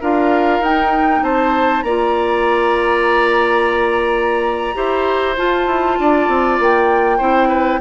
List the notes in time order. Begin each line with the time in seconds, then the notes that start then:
0.00 D4 F4 A#4 F5
0.60 D#4 G5
1.22 C4 C5 A5
1.82 A#3 F4 D5 A#5
4.74 E4 G4 C5
5.37 F4 A5
5.66 E4
5.99 D4 D5
6.28 C4
6.59 A#3 G5
7.17 C4 E4 C5
7.48 B4